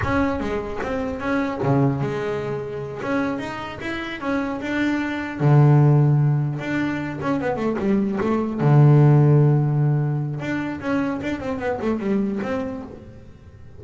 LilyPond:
\new Staff \with { instrumentName = "double bass" } { \time 4/4 \tempo 4 = 150 cis'4 gis4 c'4 cis'4 | cis4 gis2~ gis8 cis'8~ | cis'8 dis'4 e'4 cis'4 d'8~ | d'4. d2~ d8~ |
d8 d'4. cis'8 b8 a8 g8~ | g8 a4 d2~ d8~ | d2 d'4 cis'4 | d'8 c'8 b8 a8 g4 c'4 | }